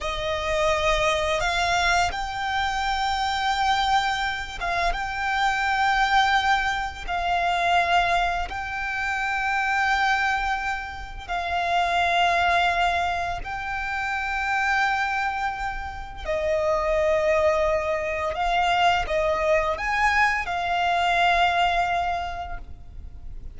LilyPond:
\new Staff \with { instrumentName = "violin" } { \time 4/4 \tempo 4 = 85 dis''2 f''4 g''4~ | g''2~ g''8 f''8 g''4~ | g''2 f''2 | g''1 |
f''2. g''4~ | g''2. dis''4~ | dis''2 f''4 dis''4 | gis''4 f''2. | }